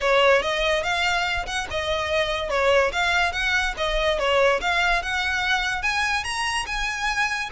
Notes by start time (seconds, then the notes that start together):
0.00 C#5
0.42 D#5
0.83 F5
1.46 F#5
1.70 D#5
2.49 C#5
2.92 F5
3.32 F#5
3.77 D#5
4.18 C#5
4.60 F5
5.02 F#5
5.82 G#5
6.24 A#5
6.66 G#5